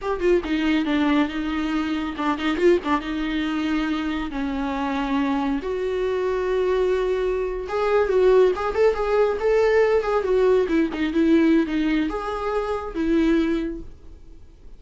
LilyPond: \new Staff \with { instrumentName = "viola" } { \time 4/4 \tempo 4 = 139 g'8 f'8 dis'4 d'4 dis'4~ | dis'4 d'8 dis'8 f'8 d'8 dis'4~ | dis'2 cis'2~ | cis'4 fis'2.~ |
fis'4.~ fis'16 gis'4 fis'4 gis'16~ | gis'16 a'8 gis'4 a'4. gis'8 fis'16~ | fis'8. e'8 dis'8 e'4~ e'16 dis'4 | gis'2 e'2 | }